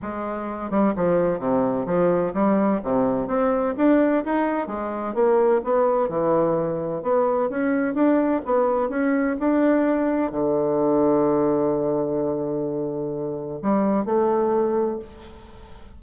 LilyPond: \new Staff \with { instrumentName = "bassoon" } { \time 4/4 \tempo 4 = 128 gis4. g8 f4 c4 | f4 g4 c4 c'4 | d'4 dis'4 gis4 ais4 | b4 e2 b4 |
cis'4 d'4 b4 cis'4 | d'2 d2~ | d1~ | d4 g4 a2 | }